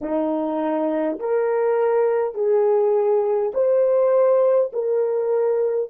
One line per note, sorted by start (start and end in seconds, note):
0.01 1.18 D#4
1.19 2.34 A#4
2.34 3.52 G#4
3.53 4.71 C5
4.73 5.90 A#4